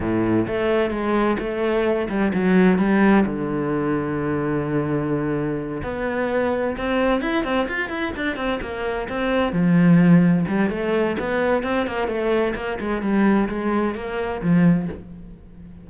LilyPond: \new Staff \with { instrumentName = "cello" } { \time 4/4 \tempo 4 = 129 a,4 a4 gis4 a4~ | a8 g8 fis4 g4 d4~ | d1~ | d8 b2 c'4 e'8 |
c'8 f'8 e'8 d'8 c'8 ais4 c'8~ | c'8 f2 g8 a4 | b4 c'8 ais8 a4 ais8 gis8 | g4 gis4 ais4 f4 | }